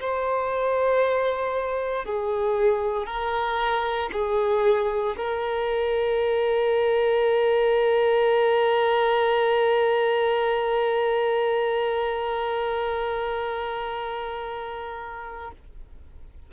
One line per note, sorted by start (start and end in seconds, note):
0.00 2.05 C5
2.05 3.07 G#4
3.07 4.10 A#4
4.12 5.16 G#4
5.17 15.51 A#4